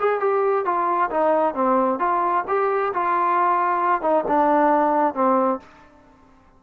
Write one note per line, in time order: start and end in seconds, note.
0.00 0.20 G#4
0.20 0.65 G4
0.65 1.10 F4
1.11 1.55 D#4
1.55 2.00 C4
2.00 2.45 F4
2.48 2.93 G4
2.94 4.02 F4
4.02 4.24 D#4
4.28 5.15 D4
5.15 5.60 C4